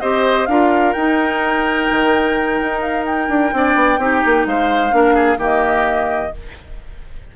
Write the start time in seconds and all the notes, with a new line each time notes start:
0.00 C4 G4 C5 D#5
0.46 D4 F4 A#4 F5
0.92 D#4 G5
1.90 D#3
2.61 D#4
2.81 F5
3.05 G5
3.28 D4
3.52 C4 D4 D5
3.75 B3
3.98 C4 D#4 G4
4.25 A#3
4.46 G#3 C5 F5
4.90 A#3 D4 A#4
5.14 G#4
5.37 D#3 A#3 G4 D#5